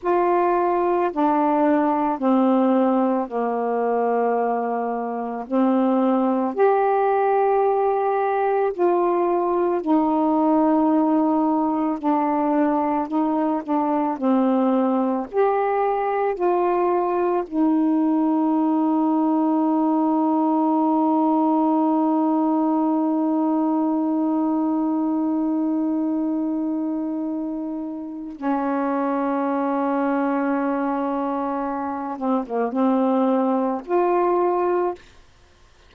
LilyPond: \new Staff \with { instrumentName = "saxophone" } { \time 4/4 \tempo 4 = 55 f'4 d'4 c'4 ais4~ | ais4 c'4 g'2 | f'4 dis'2 d'4 | dis'8 d'8 c'4 g'4 f'4 |
dis'1~ | dis'1~ | dis'2 cis'2~ | cis'4. c'16 ais16 c'4 f'4 | }